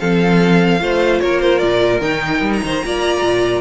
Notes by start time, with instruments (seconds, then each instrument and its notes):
0.00 cello F3, viola C4, violin A4 F5
0.80 cello A3, viola F4, violin C5
1.20 cello A#3, violin A#4 C#5
1.40 violin C5
1.59 cello A#2, violin D5
2.01 cello D#3, viola D#4, violin G5
2.42 cello G3
2.53 violin A#5
2.64 cello D#3, violin C5
2.84 cello A#3, viola F4, violin D5
3.22 cello A#2